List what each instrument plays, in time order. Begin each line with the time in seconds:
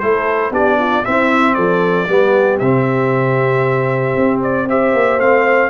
0.00 tuba A3, trombone E4, horn A4, trumpet C5
0.51 tuba B3, trombone D4, horn G4, trumpet D5
0.79 horn F4
1.05 trombone C4, tuba C4, horn E4, trumpet E5
1.55 tuba F3, horn A4, trumpet D5
2.09 tuba G3, trombone B3, horn G4
2.59 tuba C3, trombone C4, trumpet E5
4.16 tuba C4
4.43 trumpet D5
4.68 trombone G4, horn C5, trumpet E5
4.94 tuba A#3
5.19 tuba A3, trombone C4, trumpet F5